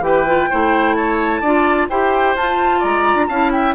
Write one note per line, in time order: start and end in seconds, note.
0.00 0.47 E3
0.00 0.26 G4
0.00 0.50 B4
0.00 0.95 G5
0.27 0.50 F4
0.50 1.42 A3
0.50 1.44 E4
0.50 0.96 C5
0.95 1.41 C#5
0.95 1.88 A5
1.41 1.88 D4
1.41 1.90 F4
1.41 1.87 D5
1.89 2.35 E4
1.89 2.37 G4
1.89 2.80 C5
1.89 2.36 G5
2.35 2.82 F4
2.35 3.31 F4
2.35 2.83 A5
2.80 3.15 G#3
2.80 3.26 D5
2.80 3.27 A#5
3.15 3.27 D4
3.27 3.75 C#4
3.27 3.75 E4
3.27 3.52 F5
3.27 3.51 A5
3.52 3.75 E5
3.52 3.75 G5